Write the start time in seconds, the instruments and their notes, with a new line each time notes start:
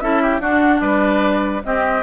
0.00 bassoon C#4, clarinet E4, oboe A4, flute E5
0.23 oboe G4
0.40 bassoon D4, clarinet D4, oboe F#4, flute F#5
0.80 bassoon G3, oboe B4, flute D5
1.64 clarinet C4, bassoon C4, oboe G4, flute D#5